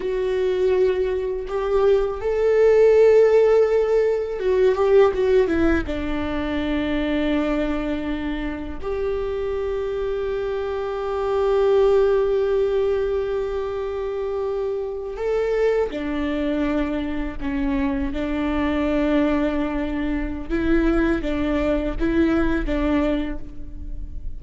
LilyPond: \new Staff \with { instrumentName = "viola" } { \time 4/4 \tempo 4 = 82 fis'2 g'4 a'4~ | a'2 fis'8 g'8 fis'8 e'8 | d'1 | g'1~ |
g'1~ | g'8. a'4 d'2 cis'16~ | cis'8. d'2.~ d'16 | e'4 d'4 e'4 d'4 | }